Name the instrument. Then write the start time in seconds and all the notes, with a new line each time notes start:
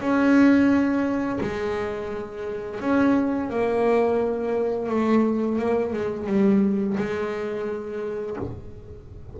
double bass
0.00 C#4
1.40 G#3
2.80 C#4
3.49 A#3
4.89 A3
5.58 A#3
5.93 G#3
6.26 G3
6.97 G#3